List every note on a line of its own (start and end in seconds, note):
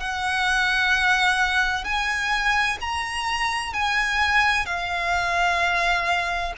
0.00 1.84 F#5
1.84 2.78 G#5
2.80 3.74 A#5
3.74 4.66 G#5
4.66 6.53 F5